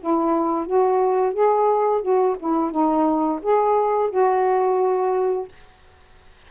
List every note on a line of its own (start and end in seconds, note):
0.00 0.66 E4
0.66 1.34 F#4
1.34 2.02 G#4
2.02 2.36 F#4
2.39 2.71 E4
2.71 3.40 D#4
3.42 4.10 G#4
4.10 5.48 F#4